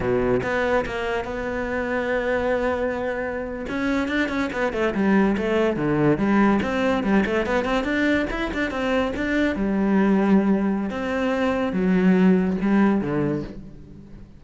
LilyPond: \new Staff \with { instrumentName = "cello" } { \time 4/4 \tempo 4 = 143 b,4 b4 ais4 b4~ | b1~ | b8. cis'4 d'8 cis'8 b8 a8 g16~ | g8. a4 d4 g4 c'16~ |
c'8. g8 a8 b8 c'8 d'4 e'16~ | e'16 d'8 c'4 d'4 g4~ g16~ | g2 c'2 | fis2 g4 d4 | }